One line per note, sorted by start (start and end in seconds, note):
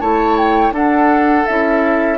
0.00 0.71 A3
0.00 0.73 E4
0.00 0.74 C#5
0.00 0.37 A5
0.37 0.74 G5
0.71 1.44 D4
0.71 1.46 D4
0.71 2.18 A4
0.71 1.46 F#5
1.46 2.18 C#4
1.46 2.18 E4
1.46 2.18 E5